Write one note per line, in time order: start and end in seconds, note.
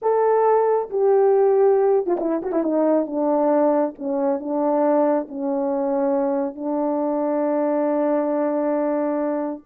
0.02 0.89 A4
0.90 2.06 G4
2.06 2.17 F4
2.20 2.41 E4
2.42 2.52 F#4
2.52 2.63 E4
2.63 3.06 D#4
3.06 3.93 D4
3.98 4.39 C#4
4.39 5.27 D4
5.28 6.55 C#4
6.55 9.62 D4